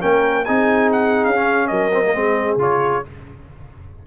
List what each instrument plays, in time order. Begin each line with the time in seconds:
0.00 tuba A#3, trombone C#4, horn A#4, trumpet G5
0.45 tuba C4, trombone D#4, horn G#4, trumpet G#5
0.92 trumpet F#5
1.24 tuba C#4, trumpet F5
1.35 trombone C#4
1.67 tuba F#3, horn A#4, trumpet D#5
1.93 trombone C4
2.04 trombone A#3
2.14 tuba G#3, trombone C4, horn G#4
2.56 tuba C#3, trombone F4, trumpet C#5